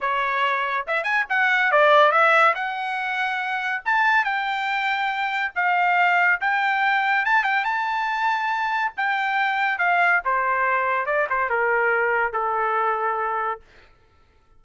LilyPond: \new Staff \with { instrumentName = "trumpet" } { \time 4/4 \tempo 4 = 141 cis''2 e''8 gis''8 fis''4 | d''4 e''4 fis''2~ | fis''4 a''4 g''2~ | g''4 f''2 g''4~ |
g''4 a''8 g''8 a''2~ | a''4 g''2 f''4 | c''2 d''8 c''8 ais'4~ | ais'4 a'2. | }